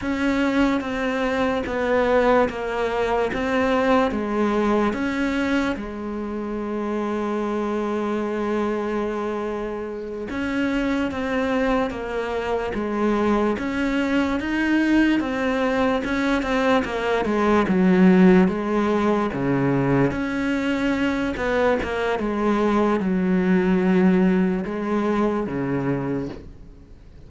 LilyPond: \new Staff \with { instrumentName = "cello" } { \time 4/4 \tempo 4 = 73 cis'4 c'4 b4 ais4 | c'4 gis4 cis'4 gis4~ | gis1~ | gis8 cis'4 c'4 ais4 gis8~ |
gis8 cis'4 dis'4 c'4 cis'8 | c'8 ais8 gis8 fis4 gis4 cis8~ | cis8 cis'4. b8 ais8 gis4 | fis2 gis4 cis4 | }